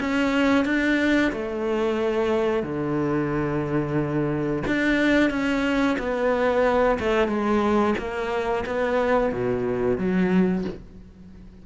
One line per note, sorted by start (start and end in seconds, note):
0.00 0.65 C#4
0.65 1.32 D4
1.32 2.63 A3
2.63 4.63 D3
4.67 5.30 D4
5.30 5.97 C#4
5.98 6.98 B3
7.00 7.28 A3
7.28 7.95 G#3
7.98 8.65 A#3
8.66 9.32 B3
9.32 9.98 B2
9.98 10.65 F#3